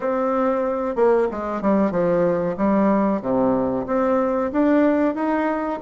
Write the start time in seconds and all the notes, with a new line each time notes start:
0.00 C4
0.95 A#3
1.31 G#3
1.61 G3
1.91 F3
2.57 G3
3.21 C3
3.86 C4
4.52 D4
5.14 D#4